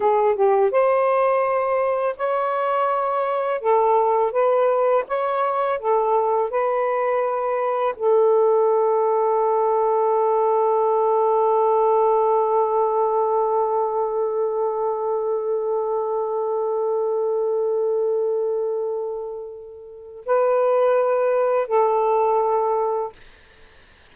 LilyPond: \new Staff \with { instrumentName = "saxophone" } { \time 4/4 \tempo 4 = 83 gis'8 g'8 c''2 cis''4~ | cis''4 a'4 b'4 cis''4 | a'4 b'2 a'4~ | a'1~ |
a'1~ | a'1~ | a'1 | b'2 a'2 | }